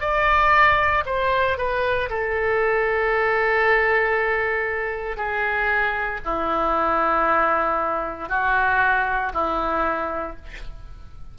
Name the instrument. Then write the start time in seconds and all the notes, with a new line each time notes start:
oboe
0.00 D5
1.05 C5
1.57 B4
2.09 A4
5.16 G#4
6.24 E4
8.29 F#4
9.33 E4